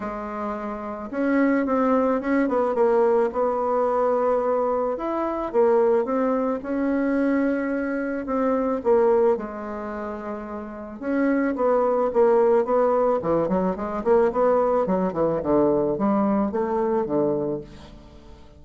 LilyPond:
\new Staff \with { instrumentName = "bassoon" } { \time 4/4 \tempo 4 = 109 gis2 cis'4 c'4 | cis'8 b8 ais4 b2~ | b4 e'4 ais4 c'4 | cis'2. c'4 |
ais4 gis2. | cis'4 b4 ais4 b4 | e8 fis8 gis8 ais8 b4 fis8 e8 | d4 g4 a4 d4 | }